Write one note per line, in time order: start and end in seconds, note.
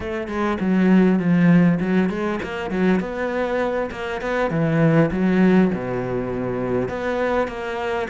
0.00 0.27 A3
0.27 0.57 G#3
0.60 1.19 F#3
1.19 1.79 F3
1.80 2.09 F#3
2.09 2.39 G#3
2.42 2.70 A#3
2.70 3.00 F#3
3.00 3.90 B3
3.91 4.21 A#3
4.21 4.50 B3
4.50 5.10 E3
5.11 5.71 F#3
5.74 6.88 B2
6.88 7.47 B3
7.47 8.07 A#3